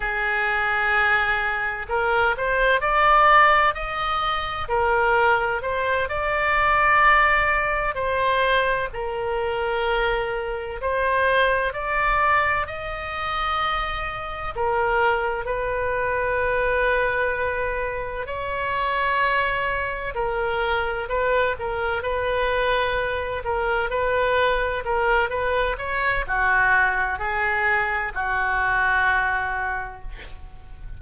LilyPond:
\new Staff \with { instrumentName = "oboe" } { \time 4/4 \tempo 4 = 64 gis'2 ais'8 c''8 d''4 | dis''4 ais'4 c''8 d''4.~ | d''8 c''4 ais'2 c''8~ | c''8 d''4 dis''2 ais'8~ |
ais'8 b'2. cis''8~ | cis''4. ais'4 b'8 ais'8 b'8~ | b'4 ais'8 b'4 ais'8 b'8 cis''8 | fis'4 gis'4 fis'2 | }